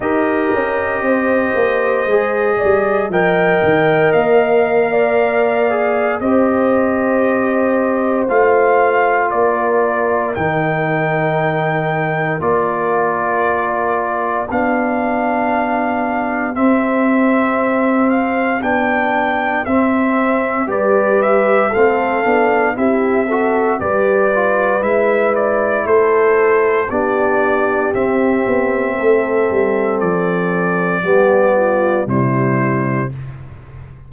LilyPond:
<<
  \new Staff \with { instrumentName = "trumpet" } { \time 4/4 \tempo 4 = 58 dis''2. g''4 | f''2 dis''2 | f''4 d''4 g''2 | d''2 f''2 |
e''4. f''8 g''4 e''4 | d''8 e''8 f''4 e''4 d''4 | e''8 d''8 c''4 d''4 e''4~ | e''4 d''2 c''4 | }
  \new Staff \with { instrumentName = "horn" } { \time 4/4 ais'4 c''4. d''8 dis''4~ | dis''8. d''4~ d''16 c''2~ | c''4 ais'2.~ | ais'2 g'2~ |
g'1 | b'4 a'4 g'8 a'8 b'4~ | b'4 a'4 g'2 | a'2 g'8 f'8 e'4 | }
  \new Staff \with { instrumentName = "trombone" } { \time 4/4 g'2 gis'4 ais'4~ | ais'4. gis'8 g'2 | f'2 dis'2 | f'2 d'2 |
c'2 d'4 c'4 | g'4 c'8 d'8 e'8 fis'8 g'8 f'8 | e'2 d'4 c'4~ | c'2 b4 g4 | }
  \new Staff \with { instrumentName = "tuba" } { \time 4/4 dis'8 cis'8 c'8 ais8 gis8 g8 f8 dis8 | ais2 c'2 | a4 ais4 dis2 | ais2 b2 |
c'2 b4 c'4 | g4 a8 b8 c'4 g4 | gis4 a4 b4 c'8 b8 | a8 g8 f4 g4 c4 | }
>>